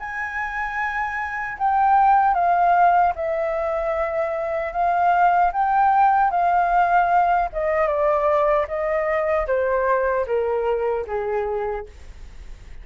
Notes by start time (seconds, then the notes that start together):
0.00 G#5
1.58 G5
2.34 F5
3.15 E5
4.73 F5
5.53 G5
6.31 F5
7.53 D#5
7.87 D5
8.68 D#5
9.47 C5
10.27 A#4
11.07 G#4